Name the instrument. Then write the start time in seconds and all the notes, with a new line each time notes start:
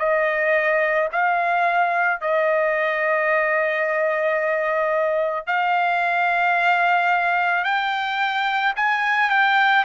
trumpet
0.00 D#5
1.13 F5
2.21 D#5
5.47 F5
7.65 G5
8.77 G#5
9.30 G5